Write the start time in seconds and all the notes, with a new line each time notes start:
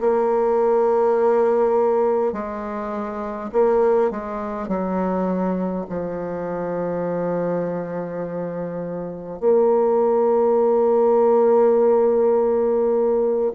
0.00 A#3
2.33 G#3
3.52 A#3
4.10 G#3
4.68 F#3
5.89 F3
9.40 A#3